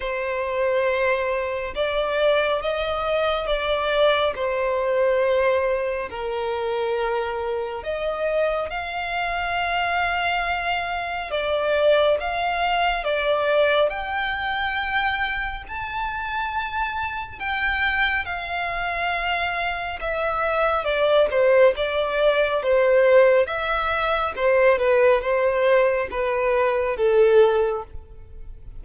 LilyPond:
\new Staff \with { instrumentName = "violin" } { \time 4/4 \tempo 4 = 69 c''2 d''4 dis''4 | d''4 c''2 ais'4~ | ais'4 dis''4 f''2~ | f''4 d''4 f''4 d''4 |
g''2 a''2 | g''4 f''2 e''4 | d''8 c''8 d''4 c''4 e''4 | c''8 b'8 c''4 b'4 a'4 | }